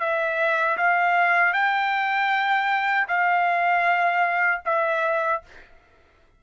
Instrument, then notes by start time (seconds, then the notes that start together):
trumpet
0.00 E5
0.77 F5
1.53 G5
3.08 F5
4.65 E5